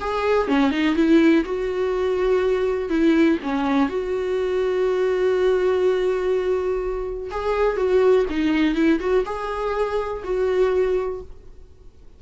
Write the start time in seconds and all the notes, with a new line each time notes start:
0.00 G#4
0.47 C#4
0.71 D#4
0.95 E4
1.45 F#4
2.89 E4
3.43 C#4
3.88 F#4
7.31 G#4
7.76 F#4
8.29 D#4
8.75 E4
9.00 F#4
9.25 G#4
10.23 F#4